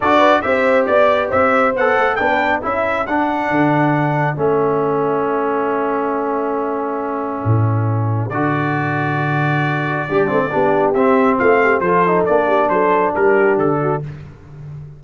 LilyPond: <<
  \new Staff \with { instrumentName = "trumpet" } { \time 4/4 \tempo 4 = 137 d''4 e''4 d''4 e''4 | fis''4 g''4 e''4 fis''4~ | fis''2 e''2~ | e''1~ |
e''2. d''4~ | d''1~ | d''4 e''4 f''4 c''4 | d''4 c''4 ais'4 a'4 | }
  \new Staff \with { instrumentName = "horn" } { \time 4/4 a'8 b'8 c''4 d''4 c''4~ | c''4 b'4 a'2~ | a'1~ | a'1~ |
a'1~ | a'2. d'4 | g'2 f'8 g'8 a'4~ | a'8 g'8 a'4 g'4. fis'8 | }
  \new Staff \with { instrumentName = "trombone" } { \time 4/4 fis'4 g'2. | a'4 d'4 e'4 d'4~ | d'2 cis'2~ | cis'1~ |
cis'2. fis'4~ | fis'2. g'8 c'8 | d'4 c'2 f'8 dis'8 | d'1 | }
  \new Staff \with { instrumentName = "tuba" } { \time 4/4 d'4 c'4 b4 c'4 | b8 a8 b4 cis'4 d'4 | d2 a2~ | a1~ |
a4 a,2 d4~ | d2. g8 a8 | b4 c'4 a4 f4 | ais4 fis4 g4 d4 | }
>>